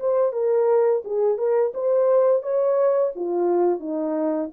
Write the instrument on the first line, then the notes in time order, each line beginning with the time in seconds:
horn
0.00 C5
0.33 A#4
1.05 G#4
1.38 A#4
1.74 C5
2.43 C#5
3.16 F4
3.80 D#4